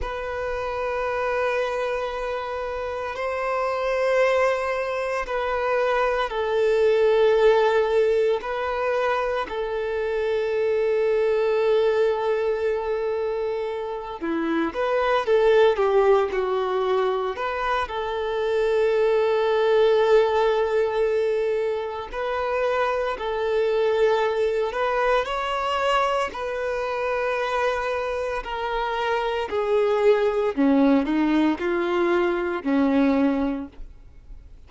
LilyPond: \new Staff \with { instrumentName = "violin" } { \time 4/4 \tempo 4 = 57 b'2. c''4~ | c''4 b'4 a'2 | b'4 a'2.~ | a'4. e'8 b'8 a'8 g'8 fis'8~ |
fis'8 b'8 a'2.~ | a'4 b'4 a'4. b'8 | cis''4 b'2 ais'4 | gis'4 cis'8 dis'8 f'4 cis'4 | }